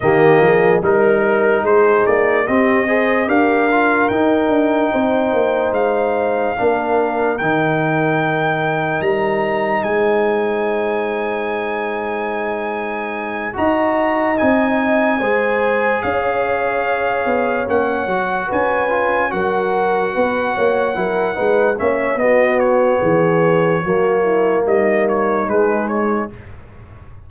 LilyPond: <<
  \new Staff \with { instrumentName = "trumpet" } { \time 4/4 \tempo 4 = 73 dis''4 ais'4 c''8 d''8 dis''4 | f''4 g''2 f''4~ | f''4 g''2 ais''4 | gis''1~ |
gis''8 ais''4 gis''2 f''8~ | f''4. fis''4 gis''4 fis''8~ | fis''2~ fis''8 e''8 dis''8 cis''8~ | cis''2 dis''8 cis''8 b'8 cis''8 | }
  \new Staff \with { instrumentName = "horn" } { \time 4/4 g'8 gis'8 ais'4 gis'4 g'8 c''8 | ais'2 c''2 | ais'1 | c''1~ |
c''8 dis''2 c''4 cis''8~ | cis''2~ cis''8 b'4 ais'8~ | ais'8 b'8 cis''8 ais'8 b'8 cis''8 fis'4 | gis'4 fis'8 e'8 dis'2 | }
  \new Staff \with { instrumentName = "trombone" } { \time 4/4 ais4 dis'2 c'8 gis'8 | g'8 f'8 dis'2. | d'4 dis'2.~ | dis'1~ |
dis'8 fis'4 dis'4 gis'4.~ | gis'4. cis'8 fis'4 f'8 fis'8~ | fis'4. e'8 dis'8 cis'8 b4~ | b4 ais2 gis4 | }
  \new Staff \with { instrumentName = "tuba" } { \time 4/4 dis8 f8 g4 gis8 ais8 c'4 | d'4 dis'8 d'8 c'8 ais8 gis4 | ais4 dis2 g4 | gis1~ |
gis8 dis'4 c'4 gis4 cis'8~ | cis'4 b8 ais8 fis8 cis'4 fis8~ | fis8 b8 ais8 fis8 gis8 ais8 b4 | e4 fis4 g4 gis4 | }
>>